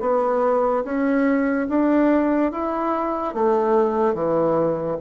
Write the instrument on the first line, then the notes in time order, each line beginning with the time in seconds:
bassoon
0.00 B3
0.84 C#4
1.69 D4
2.52 E4
3.34 A3
4.14 E3